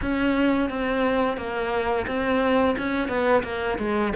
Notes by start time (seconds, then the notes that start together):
0.01 C#4
0.69 C4
1.37 A#3
2.07 C4
2.77 C#4
3.08 B3
3.43 A#3
3.78 G#3